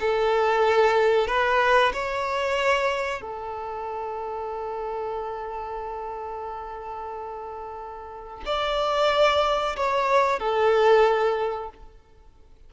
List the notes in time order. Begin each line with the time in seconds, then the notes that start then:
0.00 A4
1.27 B4
1.93 C#5
3.21 A4
8.45 D5
9.76 C#5
10.39 A4